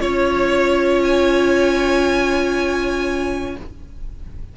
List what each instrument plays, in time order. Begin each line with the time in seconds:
0.00 cello C#4, viola F4, violin C#5
1.03 violin G#5